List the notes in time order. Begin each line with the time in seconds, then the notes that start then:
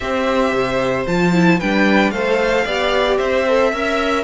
0.00 C4 G4 C5 E5
0.52 C3
1.07 F3 F4 A5
1.33 E4
1.59 G3 D4 B4 G5
2.10 A3 A4 C5 F5
2.64 B3 G4 D5
3.17 C4 C5 E5
3.48 A4
3.72 C#4 A#4 E5